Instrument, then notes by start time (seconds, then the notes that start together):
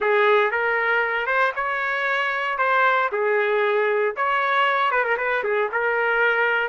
trumpet
0.00 G#4
0.51 A#4
1.26 C5
1.55 C#5
2.58 C5
3.12 G#4
4.16 C#5
4.91 B4
5.04 A#4
5.17 B4
5.43 G#4
5.72 A#4